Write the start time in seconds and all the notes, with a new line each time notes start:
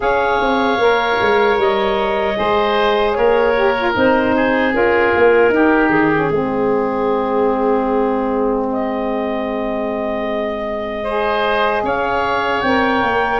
0.00 C#4 G#4 C#5 F5
0.40 C4
0.78 A#3 A#4
1.20 G#3
1.57 G3 D#5
2.35 G#3 G#4 C5
3.12 A#3 A#4 C#5
3.54 G4
3.77 F4
3.93 C4 D#4 C5
4.35 G#4
4.72 C#4 F4 A#4
5.15 A#3
5.49 D#4 G4
5.89 D#3 G#4
6.13 C#4
6.30 G#3 C4 G#4
8.72 D#5
11.03 G#4 C5
11.83 C#4 C#5 F5
12.60 C4 A#4 G5
13.02 A#3